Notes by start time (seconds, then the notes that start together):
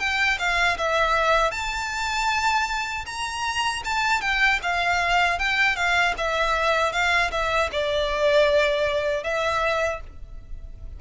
0.00 G5
0.39 F5
0.78 E5
1.52 A5
3.06 A#5
3.85 A5
4.22 G5
4.63 F5
5.39 G5
5.76 F5
6.18 E5
6.93 F5
7.32 E5
7.72 D5
9.24 E5